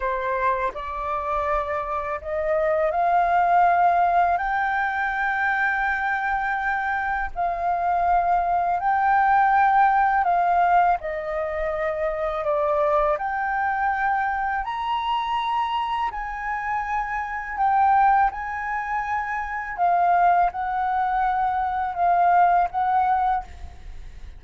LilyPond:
\new Staff \with { instrumentName = "flute" } { \time 4/4 \tempo 4 = 82 c''4 d''2 dis''4 | f''2 g''2~ | g''2 f''2 | g''2 f''4 dis''4~ |
dis''4 d''4 g''2 | ais''2 gis''2 | g''4 gis''2 f''4 | fis''2 f''4 fis''4 | }